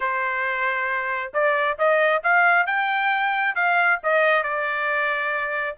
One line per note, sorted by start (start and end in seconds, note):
0.00 1.32 C5
1.33 1.78 D5
1.78 2.22 D#5
2.23 2.66 F5
2.66 3.55 G5
3.55 3.99 F5
4.03 4.43 D#5
4.43 5.76 D5